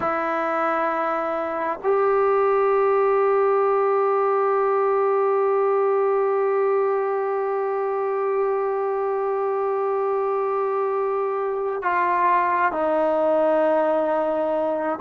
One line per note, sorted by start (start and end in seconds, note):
0.00 1.79 E4
1.83 11.82 G4
11.82 12.71 F4
12.71 14.99 D#4